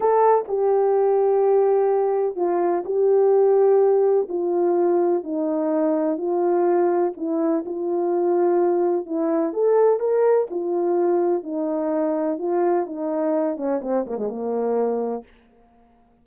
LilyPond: \new Staff \with { instrumentName = "horn" } { \time 4/4 \tempo 4 = 126 a'4 g'2.~ | g'4 f'4 g'2~ | g'4 f'2 dis'4~ | dis'4 f'2 e'4 |
f'2. e'4 | a'4 ais'4 f'2 | dis'2 f'4 dis'4~ | dis'8 cis'8 c'8 ais16 gis16 ais2 | }